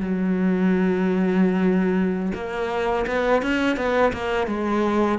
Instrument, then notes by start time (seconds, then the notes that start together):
cello
0.00 F#3
2.34 A#3
3.06 B3
3.42 C#4
3.77 B3
4.13 A#3
4.47 G#3